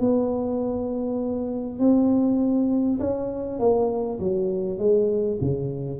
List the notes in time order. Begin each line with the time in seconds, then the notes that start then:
0.00 B3
1.79 C4
3.00 C#4
3.59 A#3
4.20 F#3
4.79 G#3
5.41 C#3